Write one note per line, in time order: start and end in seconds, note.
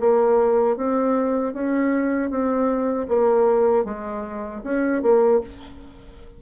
0.00 0.77 A#3
0.77 1.53 C4
1.54 2.30 C#4
2.30 3.07 C4
3.08 3.85 A#3
3.85 4.62 G#3
4.64 5.02 C#4
5.02 5.41 A#3